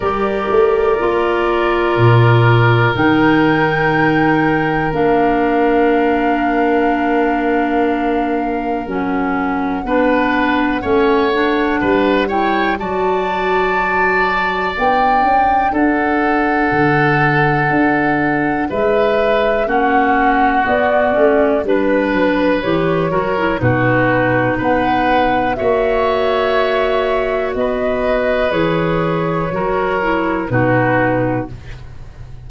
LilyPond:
<<
  \new Staff \with { instrumentName = "flute" } { \time 4/4 \tempo 4 = 61 d''2. g''4~ | g''4 f''2.~ | f''4 fis''2.~ | fis''8 g''8 a''2 g''4 |
fis''2. e''4 | fis''4 d''4 b'4 cis''4 | b'4 fis''4 e''2 | dis''4 cis''2 b'4 | }
  \new Staff \with { instrumentName = "oboe" } { \time 4/4 ais'1~ | ais'1~ | ais'2 b'4 cis''4 | b'8 cis''8 d''2. |
a'2. b'4 | fis'2 b'4. ais'8 | fis'4 b'4 cis''2 | b'2 ais'4 fis'4 | }
  \new Staff \with { instrumentName = "clarinet" } { \time 4/4 g'4 f'2 dis'4~ | dis'4 d'2.~ | d'4 cis'4 d'4 cis'8 d'8~ | d'8 e'8 fis'2 d'4~ |
d'1 | cis'4 b8 cis'8 d'4 g'8 fis'16 e'16 | dis'2 fis'2~ | fis'4 gis'4 fis'8 e'8 dis'4 | }
  \new Staff \with { instrumentName = "tuba" } { \time 4/4 g8 a8 ais4 ais,4 dis4~ | dis4 ais2.~ | ais4 fis4 b4 a4 | g4 fis2 b8 cis'8 |
d'4 d4 d'4 gis4 | ais4 b8 a8 g8 fis8 e8 fis8 | b,4 b4 ais2 | b4 e4 fis4 b,4 | }
>>